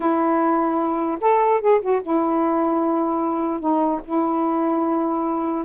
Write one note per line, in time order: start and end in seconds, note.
0.00 1.18 E4
1.20 1.60 A4
1.60 1.80 G#4
1.81 2.01 F#4
2.02 3.60 E4
3.60 4.00 D#4
4.05 5.64 E4